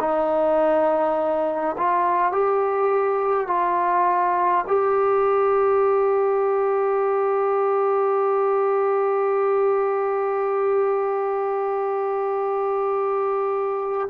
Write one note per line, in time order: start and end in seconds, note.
0.00 1.76 D#4
1.78 2.33 F4
2.33 3.48 G4
3.48 4.65 F4
4.68 14.09 G4